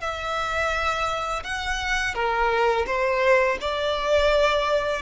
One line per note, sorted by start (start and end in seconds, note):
0.00 1.43 E5
1.44 2.14 F#5
2.14 2.86 A#4
2.86 3.58 C5
3.61 5.02 D5